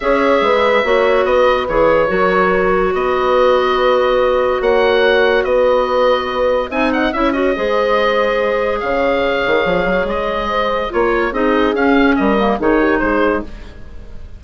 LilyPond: <<
  \new Staff \with { instrumentName = "oboe" } { \time 4/4 \tempo 4 = 143 e''2. dis''4 | cis''2. dis''4~ | dis''2. fis''4~ | fis''4 dis''2. |
gis''8 fis''8 e''8 dis''2~ dis''8~ | dis''4 f''2. | dis''2 cis''4 dis''4 | f''4 dis''4 cis''4 c''4 | }
  \new Staff \with { instrumentName = "horn" } { \time 4/4 cis''4 b'4 cis''4 b'4~ | b'4 ais'2 b'4~ | b'2. cis''4~ | cis''4 b'2. |
e''8 dis''8 cis''4 c''2~ | c''4 cis''2.~ | cis''4 c''4 ais'4 gis'4~ | gis'4 ais'4 gis'8 g'8 gis'4 | }
  \new Staff \with { instrumentName = "clarinet" } { \time 4/4 gis'2 fis'2 | gis'4 fis'2.~ | fis'1~ | fis'1 |
dis'4 e'8 fis'8 gis'2~ | gis'1~ | gis'2 f'4 dis'4 | cis'4. ais8 dis'2 | }
  \new Staff \with { instrumentName = "bassoon" } { \time 4/4 cis'4 gis4 ais4 b4 | e4 fis2 b4~ | b2. ais4~ | ais4 b2. |
c'4 cis'4 gis2~ | gis4 cis4. dis8 f8 fis8 | gis2 ais4 c'4 | cis'4 g4 dis4 gis4 | }
>>